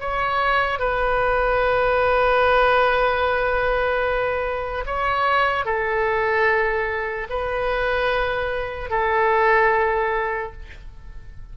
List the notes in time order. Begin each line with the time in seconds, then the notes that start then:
0.00 C#5
0.79 B4
4.86 C#5
5.65 A4
7.29 B4
8.90 A4